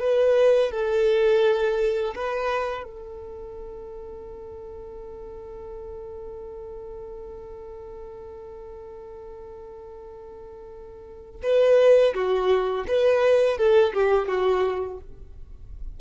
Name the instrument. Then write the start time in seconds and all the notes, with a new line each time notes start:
violin
0.00 B4
0.72 A4
2.15 B4
2.84 A4
11.43 B4
12.15 F#4
12.88 B4
13.58 A4
13.94 G4
14.28 F#4